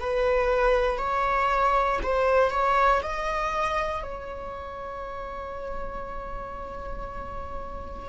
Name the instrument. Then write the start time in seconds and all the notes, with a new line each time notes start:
viola
0.00 B4
0.98 C#5
2.03 C5
2.51 C#5
3.03 D#5
4.04 C#5